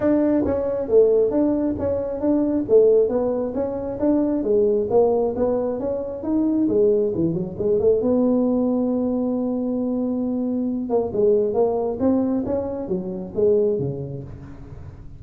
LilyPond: \new Staff \with { instrumentName = "tuba" } { \time 4/4 \tempo 4 = 135 d'4 cis'4 a4 d'4 | cis'4 d'4 a4 b4 | cis'4 d'4 gis4 ais4 | b4 cis'4 dis'4 gis4 |
e8 fis8 gis8 a8 b2~ | b1~ | b8 ais8 gis4 ais4 c'4 | cis'4 fis4 gis4 cis4 | }